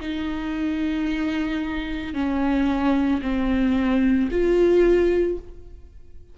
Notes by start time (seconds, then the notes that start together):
0.00 D#4
2.14 C#4
3.21 C4
4.31 F4